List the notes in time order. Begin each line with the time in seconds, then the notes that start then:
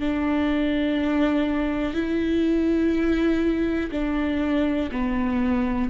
0.00 D4
1.94 E4
3.92 D4
4.92 B3